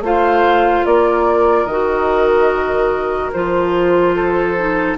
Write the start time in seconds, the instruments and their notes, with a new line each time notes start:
0.00 bassoon A3, clarinet F4, oboe C5, flute F5
0.85 bassoon A#3, oboe A#4, flute D5
1.65 bassoon D#3, clarinet F#4, flute D#5
3.32 bassoon F3, clarinet F4, flute C5
4.15 oboe A4
4.57 clarinet D#4